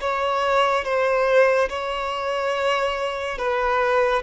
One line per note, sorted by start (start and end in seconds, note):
0.00 0.84 C#5
0.84 1.68 C5
1.69 3.38 C#5
3.38 4.22 B4